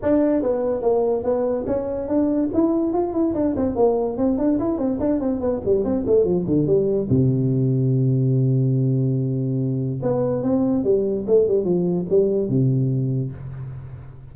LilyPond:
\new Staff \with { instrumentName = "tuba" } { \time 4/4 \tempo 4 = 144 d'4 b4 ais4 b4 | cis'4 d'4 e'4 f'8 e'8 | d'8 c'8 ais4 c'8 d'8 e'8 c'8 | d'8 c'8 b8 g8 c'8 a8 f8 d8 |
g4 c2.~ | c1 | b4 c'4 g4 a8 g8 | f4 g4 c2 | }